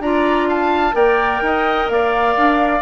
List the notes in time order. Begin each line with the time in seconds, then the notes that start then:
0.00 D4 F4 D5 A#5
0.49 F5 A5
0.93 A#3 A#4 D5 G5
1.42 D#4 D#5
1.89 A#3 D5 F5
2.37 D4